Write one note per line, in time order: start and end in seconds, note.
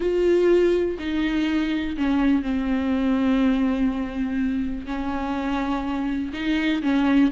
0.00 0.97 F4
0.98 1.96 D#4
1.97 2.42 C#4
2.42 4.86 C4
4.86 6.32 C#4
6.33 6.82 D#4
6.82 7.31 C#4